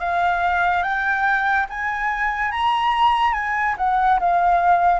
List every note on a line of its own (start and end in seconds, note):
0.00 0.83 F5
0.83 1.67 G5
1.69 2.52 G#5
2.52 3.33 A#5
3.33 3.75 G#5
3.78 4.19 F#5
4.20 5.00 F5